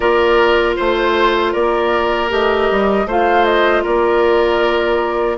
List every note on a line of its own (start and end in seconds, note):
0.00 0.76 A#3
0.00 2.29 F4
0.00 0.76 A#4
0.00 0.75 D5
0.76 1.54 A3
0.76 1.53 C5
0.76 1.52 C5
1.52 2.31 A#3
1.52 3.06 A#4
1.52 2.29 D5
2.29 2.69 A3
2.29 3.06 G4
2.29 3.09 D#5
2.70 3.06 G3
3.06 3.83 A3
3.06 5.37 F4
3.06 3.83 C5
3.06 3.44 F5
3.44 3.83 D#5
3.83 5.37 A#3
3.83 5.37 A#4
3.83 5.37 D5